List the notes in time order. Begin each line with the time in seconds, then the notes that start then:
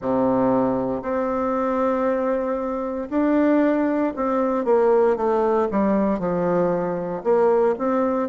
0.01 C3
1.02 C4
3.09 D4
4.16 C4
4.64 A#3
5.16 A3
5.71 G3
6.19 F3
7.23 A#3
7.78 C4